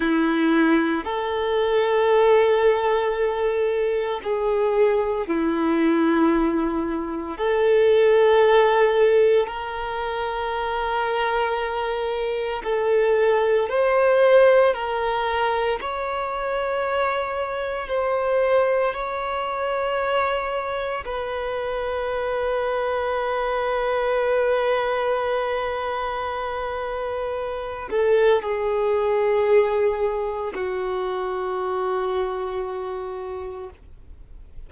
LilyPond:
\new Staff \with { instrumentName = "violin" } { \time 4/4 \tempo 4 = 57 e'4 a'2. | gis'4 e'2 a'4~ | a'4 ais'2. | a'4 c''4 ais'4 cis''4~ |
cis''4 c''4 cis''2 | b'1~ | b'2~ b'8 a'8 gis'4~ | gis'4 fis'2. | }